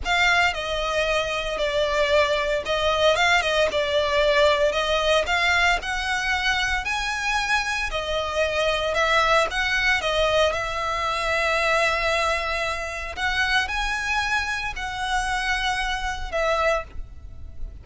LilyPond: \new Staff \with { instrumentName = "violin" } { \time 4/4 \tempo 4 = 114 f''4 dis''2 d''4~ | d''4 dis''4 f''8 dis''8 d''4~ | d''4 dis''4 f''4 fis''4~ | fis''4 gis''2 dis''4~ |
dis''4 e''4 fis''4 dis''4 | e''1~ | e''4 fis''4 gis''2 | fis''2. e''4 | }